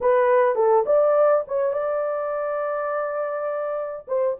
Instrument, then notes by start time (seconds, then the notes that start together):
horn
0.01 B4
0.55 A4
0.86 D5
1.47 C#5
1.73 D5
4.07 C5